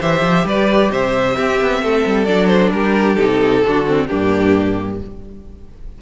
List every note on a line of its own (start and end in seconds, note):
0.00 0.21 E3
0.00 1.35 G4
0.00 0.45 C5
0.00 0.47 E5
0.21 0.44 F3
0.45 0.90 G3
0.45 0.91 B4
0.45 0.91 D5
0.91 1.36 C3
0.91 1.36 C5
0.91 2.25 E5
1.35 2.26 C4
1.35 1.61 C4
1.35 1.82 G4
1.61 1.82 B3
1.82 2.05 A3
1.82 2.73 A4
2.06 2.28 G3
2.25 2.72 F#3
2.25 3.17 D4
2.25 2.47 D5
2.47 2.70 C5
2.72 3.17 G3
2.72 3.64 G4
2.72 3.15 A#4
3.15 3.63 C3
3.15 3.63 D#4
3.15 4.06 A4
3.63 4.09 D3
3.63 3.86 D4
3.63 4.08 F#4
3.86 4.09 C4
4.07 5.01 G2
4.07 5.00 A#3
4.07 4.99 D4
4.07 4.98 G4